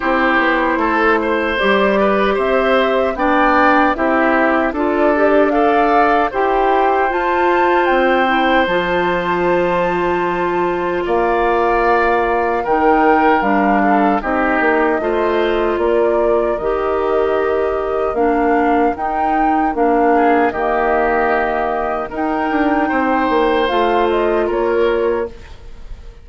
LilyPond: <<
  \new Staff \with { instrumentName = "flute" } { \time 4/4 \tempo 4 = 76 c''2 d''4 e''4 | g''4 e''4 d''4 f''4 | g''4 a''4 g''4 a''4~ | a''2 f''2 |
g''4 f''4 dis''2 | d''4 dis''2 f''4 | g''4 f''4 dis''2 | g''2 f''8 dis''8 cis''4 | }
  \new Staff \with { instrumentName = "oboe" } { \time 4/4 g'4 a'8 c''4 b'8 c''4 | d''4 g'4 a'4 d''4 | c''1~ | c''2 d''2 |
ais'4. a'8 g'4 c''4 | ais'1~ | ais'4. gis'8 g'2 | ais'4 c''2 ais'4 | }
  \new Staff \with { instrumentName = "clarinet" } { \time 4/4 e'2 g'2 | d'4 e'4 f'8 g'8 a'4 | g'4 f'4. e'8 f'4~ | f'1 |
dis'4 d'4 dis'4 f'4~ | f'4 g'2 d'4 | dis'4 d'4 ais2 | dis'2 f'2 | }
  \new Staff \with { instrumentName = "bassoon" } { \time 4/4 c'8 b8 a4 g4 c'4 | b4 c'4 d'2 | e'4 f'4 c'4 f4~ | f2 ais2 |
dis4 g4 c'8 ais8 a4 | ais4 dis2 ais4 | dis'4 ais4 dis2 | dis'8 d'8 c'8 ais8 a4 ais4 | }
>>